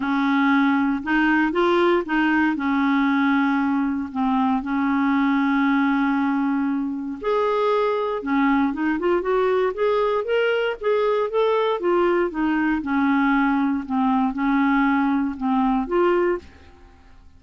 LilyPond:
\new Staff \with { instrumentName = "clarinet" } { \time 4/4 \tempo 4 = 117 cis'2 dis'4 f'4 | dis'4 cis'2. | c'4 cis'2.~ | cis'2 gis'2 |
cis'4 dis'8 f'8 fis'4 gis'4 | ais'4 gis'4 a'4 f'4 | dis'4 cis'2 c'4 | cis'2 c'4 f'4 | }